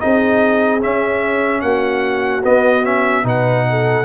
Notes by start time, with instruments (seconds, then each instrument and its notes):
0.00 tuba C4, trombone D#4, horn G#4, trumpet D#5
0.80 trombone C#4, tuba C#4, trumpet E5
1.61 tuba A#3, horn F#4, trumpet F#5
2.44 trombone B3, tuba B3, trumpet D#5
2.84 trombone C#4, trumpet E5
3.24 tuba B2, trombone D#4, horn B4, trumpet F#5
3.70 horn A4